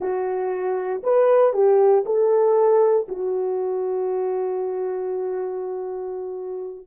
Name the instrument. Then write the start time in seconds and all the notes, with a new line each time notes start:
horn
0.00 F#4
1.03 B4
1.53 G4
2.05 A4
3.08 F#4